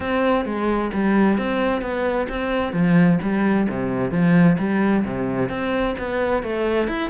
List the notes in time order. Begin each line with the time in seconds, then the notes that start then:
0.00 C4
0.45 G#3
0.93 G3
1.37 C4
1.81 B3
2.29 C4
2.73 F3
3.22 G3
3.69 C3
4.11 F3
4.58 G3
5.05 C3
5.49 C4
5.98 B3
6.42 A3
6.87 E4